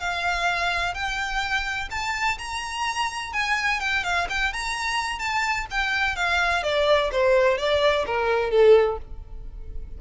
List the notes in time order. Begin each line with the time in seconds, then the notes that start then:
0.00 F5
0.94 G5
1.91 A5
2.39 A#5
3.33 G#5
3.80 G5
4.04 F5
4.29 G5
4.53 A#5
5.19 A5
5.71 G5
6.16 F5
6.63 D5
7.12 C5
7.58 D5
8.06 A#4
8.51 A4